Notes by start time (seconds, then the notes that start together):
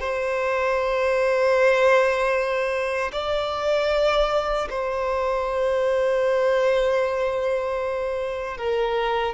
0.00 C5
3.12 D5
4.70 C5
8.57 A#4